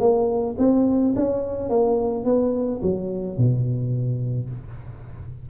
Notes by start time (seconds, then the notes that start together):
0.00 A#3
0.59 C4
1.16 C#4
1.70 A#3
2.25 B3
2.83 F#3
3.38 B2